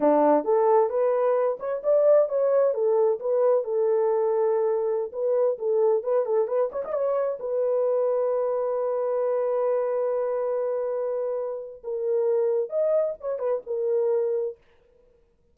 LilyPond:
\new Staff \with { instrumentName = "horn" } { \time 4/4 \tempo 4 = 132 d'4 a'4 b'4. cis''8 | d''4 cis''4 a'4 b'4 | a'2.~ a'16 b'8.~ | b'16 a'4 b'8 a'8 b'8 cis''16 dis''16 cis''8.~ |
cis''16 b'2.~ b'8.~ | b'1~ | b'2 ais'2 | dis''4 cis''8 b'8 ais'2 | }